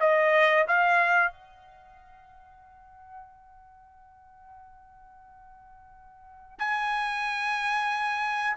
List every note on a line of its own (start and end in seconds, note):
0.00 0.66 D#5
0.68 1.32 F5
1.32 6.59 F#5
6.59 8.57 G#5